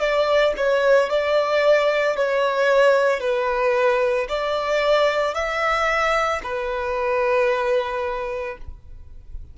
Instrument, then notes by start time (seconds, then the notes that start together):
violin
0.00 D5
0.57 C#5
1.10 D5
2.17 C#5
3.20 B4
4.29 D5
5.34 E5
6.43 B4